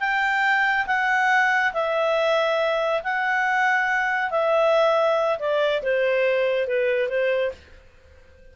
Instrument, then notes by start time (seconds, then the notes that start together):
clarinet
0.00 G5
0.87 F#5
1.73 E5
3.04 F#5
4.31 E5
5.39 D5
5.83 C5
6.68 B4
7.09 C5